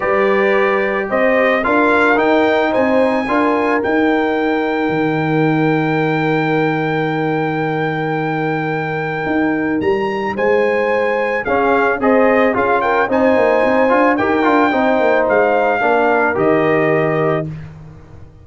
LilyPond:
<<
  \new Staff \with { instrumentName = "trumpet" } { \time 4/4 \tempo 4 = 110 d''2 dis''4 f''4 | g''4 gis''2 g''4~ | g''1~ | g''1~ |
g''2 ais''4 gis''4~ | gis''4 f''4 dis''4 f''8 g''8 | gis''2 g''2 | f''2 dis''2 | }
  \new Staff \with { instrumentName = "horn" } { \time 4/4 b'2 c''4 ais'4~ | ais'4 c''4 ais'2~ | ais'1~ | ais'1~ |
ais'2. c''4~ | c''4 gis'4 c''4 gis'8 ais'8 | c''2 ais'4 c''4~ | c''4 ais'2. | }
  \new Staff \with { instrumentName = "trombone" } { \time 4/4 g'2. f'4 | dis'2 f'4 dis'4~ | dis'1~ | dis'1~ |
dis'1~ | dis'4 cis'4 gis'4 f'4 | dis'4. f'8 g'8 f'8 dis'4~ | dis'4 d'4 g'2 | }
  \new Staff \with { instrumentName = "tuba" } { \time 4/4 g2 c'4 d'4 | dis'4 c'4 d'4 dis'4~ | dis'4 dis2.~ | dis1~ |
dis4 dis'4 g4 gis4~ | gis4 cis'4 c'4 cis'4 | c'8 ais8 c'8 d'8 dis'8 d'8 c'8 ais8 | gis4 ais4 dis2 | }
>>